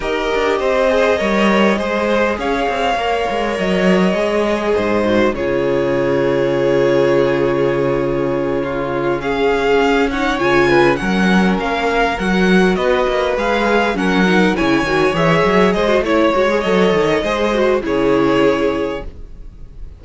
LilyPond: <<
  \new Staff \with { instrumentName = "violin" } { \time 4/4 \tempo 4 = 101 dis''1 | f''2 dis''2~ | dis''4 cis''2.~ | cis''2.~ cis''8 f''8~ |
f''4 fis''8 gis''4 fis''4 f''8~ | f''8 fis''4 dis''4 f''4 fis''8~ | fis''8 gis''4 e''4 dis''8 cis''4 | dis''2 cis''2 | }
  \new Staff \with { instrumentName = "violin" } { \time 4/4 ais'4 c''4 cis''4 c''4 | cis''1 | c''4 gis'2.~ | gis'2~ gis'8 f'4 gis'8~ |
gis'4 cis''4 b'8 ais'4.~ | ais'4. b'2 ais'8~ | ais'8 cis''2 c''8 cis''4~ | cis''4 c''4 gis'2 | }
  \new Staff \with { instrumentName = "viola" } { \time 4/4 g'4. gis'8 ais'4 gis'4~ | gis'4 ais'2 gis'4~ | gis'8 fis'8 f'2.~ | f'2.~ f'8 cis'8~ |
cis'4 dis'8 f'4 cis'4.~ | cis'8 fis'2 gis'4 cis'8 | dis'8 e'8 fis'8 gis'4~ gis'16 fis'16 e'8 fis'16 gis'16 | a'4 gis'8 fis'8 e'2 | }
  \new Staff \with { instrumentName = "cello" } { \time 4/4 dis'8 d'8 c'4 g4 gis4 | cis'8 c'8 ais8 gis8 fis4 gis4 | gis,4 cis2.~ | cis1~ |
cis8 cis'4 cis4 fis4 ais8~ | ais8 fis4 b8 ais8 gis4 fis8~ | fis8 cis8 dis8 e8 fis8 gis8 a8 gis8 | fis8 dis8 gis4 cis2 | }
>>